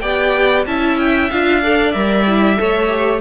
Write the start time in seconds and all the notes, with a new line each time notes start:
0.00 B3 G4 D5 G5
0.66 C#4 E4 E5 A5
0.99 G5
1.30 D4 F4 F5
1.63 A4 D5
1.91 G3 A#4 E5
2.27 E4
2.57 A3 A4 C#5
2.88 G4